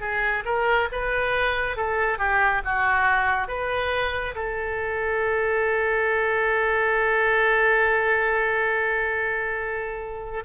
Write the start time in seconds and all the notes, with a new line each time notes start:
0.00 G#4
0.45 A#4
0.91 B4
1.76 A4
2.18 G4
2.64 F#4
3.47 B4
4.35 A4